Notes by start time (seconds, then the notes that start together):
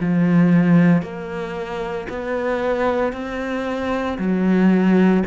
0.00 F3
1.02 A#3
2.09 B3
3.12 C4
4.18 F#3